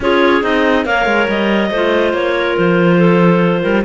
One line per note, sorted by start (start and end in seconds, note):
0.00 0.42 C#4
0.00 0.42 F4
0.00 0.87 G#4
0.00 0.43 C#5
0.42 0.85 C4
0.42 0.84 D#4
0.42 0.85 D#5
0.84 1.05 A#3
0.84 1.70 A#4
0.84 1.70 C#5
0.84 1.28 F5
1.05 1.27 G#3
1.28 1.70 G3
1.28 2.14 D#5
1.70 2.13 A3
1.70 3.85 F4
1.70 2.34 C5
2.13 2.56 A#3
2.13 2.57 C#5
2.37 2.97 A#4
2.57 3.63 F3
2.57 3.85 C5
2.97 3.61 A4
3.61 3.85 G3
3.61 3.83 A#4